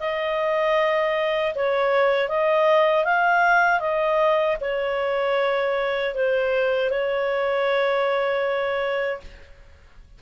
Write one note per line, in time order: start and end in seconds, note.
0.00 1.54 D#5
1.55 2.29 C#5
2.29 3.05 D#5
3.05 3.80 F5
3.80 4.57 D#5
4.61 6.15 C#5
6.15 6.90 C5
6.90 9.21 C#5